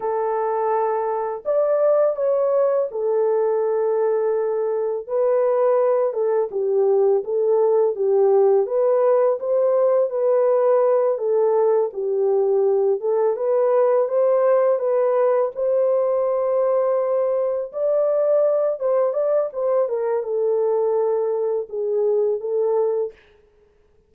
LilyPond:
\new Staff \with { instrumentName = "horn" } { \time 4/4 \tempo 4 = 83 a'2 d''4 cis''4 | a'2. b'4~ | b'8 a'8 g'4 a'4 g'4 | b'4 c''4 b'4. a'8~ |
a'8 g'4. a'8 b'4 c''8~ | c''8 b'4 c''2~ c''8~ | c''8 d''4. c''8 d''8 c''8 ais'8 | a'2 gis'4 a'4 | }